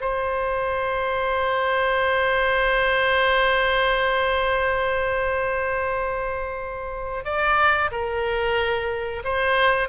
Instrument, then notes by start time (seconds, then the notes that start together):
oboe
0.00 C5
7.24 D5
7.91 A#4
9.24 C5